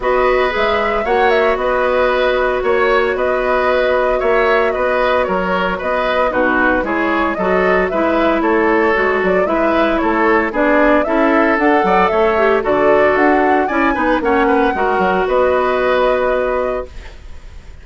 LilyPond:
<<
  \new Staff \with { instrumentName = "flute" } { \time 4/4 \tempo 4 = 114 dis''4 e''4 fis''8 e''8 dis''4~ | dis''4 cis''4 dis''2 | e''4 dis''4 cis''4 dis''4 | b'4 cis''4 dis''4 e''4 |
cis''4. d''8 e''4 cis''4 | d''4 e''4 fis''4 e''4 | d''4 fis''4 gis''4 fis''4~ | fis''4 dis''2. | }
  \new Staff \with { instrumentName = "oboe" } { \time 4/4 b'2 cis''4 b'4~ | b'4 cis''4 b'2 | cis''4 b'4 ais'4 b'4 | fis'4 gis'4 a'4 b'4 |
a'2 b'4 a'4 | gis'4 a'4. d''8 cis''4 | a'2 d''8 b'8 cis''8 b'8 | ais'4 b'2. | }
  \new Staff \with { instrumentName = "clarinet" } { \time 4/4 fis'4 gis'4 fis'2~ | fis'1~ | fis'1 | dis'4 e'4 fis'4 e'4~ |
e'4 fis'4 e'2 | d'4 e'4 a'4. g'8 | fis'2 e'8 dis'8 cis'4 | fis'1 | }
  \new Staff \with { instrumentName = "bassoon" } { \time 4/4 b4 gis4 ais4 b4~ | b4 ais4 b2 | ais4 b4 fis4 b4 | b,4 gis4 fis4 gis4 |
a4 gis8 fis8 gis4 a4 | b4 cis'4 d'8 fis8 a4 | d4 d'4 cis'8 b8 ais4 | gis8 fis8 b2. | }
>>